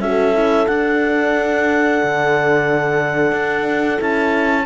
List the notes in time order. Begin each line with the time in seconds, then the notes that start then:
0.00 C#4 F#4 A4 E5
0.33 E4
0.67 D4 F#5
2.03 D3
3.32 D4
3.98 C#4 E4 A5